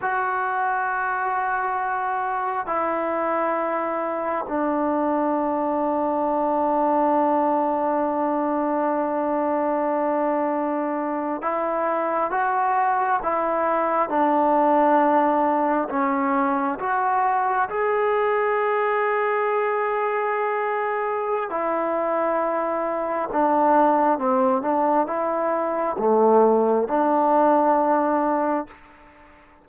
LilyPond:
\new Staff \with { instrumentName = "trombone" } { \time 4/4 \tempo 4 = 67 fis'2. e'4~ | e'4 d'2.~ | d'1~ | d'8. e'4 fis'4 e'4 d'16~ |
d'4.~ d'16 cis'4 fis'4 gis'16~ | gis'1 | e'2 d'4 c'8 d'8 | e'4 a4 d'2 | }